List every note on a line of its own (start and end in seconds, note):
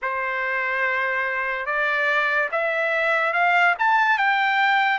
0.02 1.66 C5
1.66 2.49 D5
2.51 3.33 E5
3.33 3.74 F5
3.78 4.18 A5
4.18 4.98 G5